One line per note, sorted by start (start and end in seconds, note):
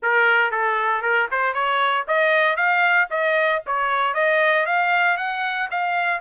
0.02 0.51 A#4
0.51 1.02 A4
1.02 1.27 A#4
1.31 1.53 C5
1.53 2.05 C#5
2.07 2.56 D#5
2.56 3.08 F5
3.10 3.62 D#5
3.66 4.14 C#5
4.14 4.66 D#5
4.66 5.17 F5
5.17 5.68 F#5
5.70 6.20 F5